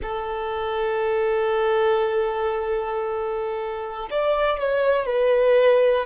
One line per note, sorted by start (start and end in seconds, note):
0.02 4.09 A4
4.10 4.59 D5
4.59 5.06 C#5
5.06 6.06 B4